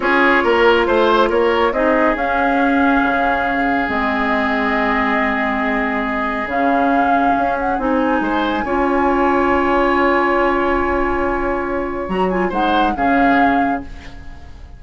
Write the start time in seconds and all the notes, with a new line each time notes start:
0.00 C#4 F4 G#4 C#5
0.43 A#3 A#4
0.85 A3 C5
1.29 A#3 A#4 C#5
1.72 C4 D#4 G#4 D#5
2.14 C#4 F5
3.02 C#3
3.86 G#3 C4 D#5
6.46 C#3 C#4 F5
7.38 C#4
7.58 F#5
7.78 C4 D#4 G#5
8.20 G#3 C5
8.64 C#4 F4 C#5
12.08 F#3 F#4 A#5
12.29 F4 G#5
12.49 G#3 D#4 C5 F#5
12.95 C#3 C#4 G#4 F5